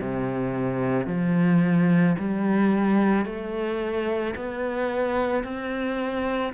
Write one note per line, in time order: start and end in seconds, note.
0.00 1.07 C3
1.07 2.16 F3
2.19 3.26 G3
3.26 4.35 A3
4.36 5.44 B3
5.44 6.53 C4